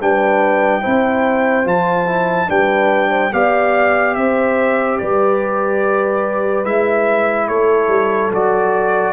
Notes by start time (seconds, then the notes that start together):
0.00 G3 D4 B4 G5
0.81 C4 E4 C5
1.64 F3 F4 A5
2.06 E4
2.47 G3 D4 B4 G5
3.10 C5
3.33 B3 G4 D5 F5
4.14 C4 C5 E5
4.98 G3 B4 D5
6.65 G#3 E4 E5
7.48 A3 A4 C#5
7.88 G3
8.31 F#3 F#4 D5